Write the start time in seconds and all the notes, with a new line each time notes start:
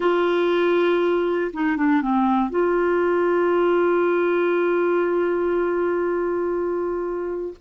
0.00 F4
1.53 D#4
1.76 D4
2.01 C4
2.50 F4